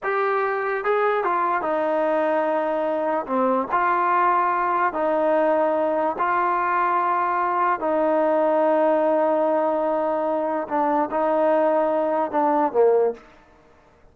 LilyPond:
\new Staff \with { instrumentName = "trombone" } { \time 4/4 \tempo 4 = 146 g'2 gis'4 f'4 | dis'1 | c'4 f'2. | dis'2. f'4~ |
f'2. dis'4~ | dis'1~ | dis'2 d'4 dis'4~ | dis'2 d'4 ais4 | }